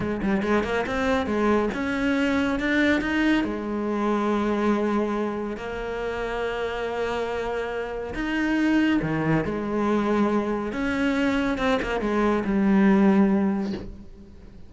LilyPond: \new Staff \with { instrumentName = "cello" } { \time 4/4 \tempo 4 = 140 gis8 g8 gis8 ais8 c'4 gis4 | cis'2 d'4 dis'4 | gis1~ | gis4 ais2.~ |
ais2. dis'4~ | dis'4 dis4 gis2~ | gis4 cis'2 c'8 ais8 | gis4 g2. | }